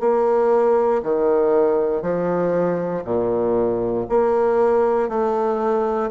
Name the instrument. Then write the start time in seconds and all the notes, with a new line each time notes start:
bassoon
0.00 A#3
1.03 D#3
2.02 F3
3.05 A#2
4.09 A#3
5.08 A3